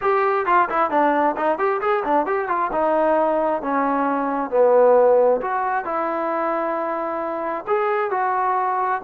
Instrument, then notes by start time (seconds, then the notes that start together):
trombone
0.01 G4
0.46 F4
0.69 E4
0.90 D4
1.37 D#4
1.58 G4
1.81 G#4
2.04 D4
2.26 G4
2.48 F4
2.72 D#4
3.62 C#4
4.50 B3
5.41 F#4
5.84 E4
7.67 G#4
8.11 F#4